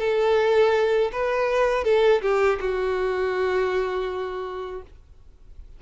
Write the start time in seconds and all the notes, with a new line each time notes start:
0.00 A4
1.12 B4
1.84 A4
2.22 G4
2.60 F#4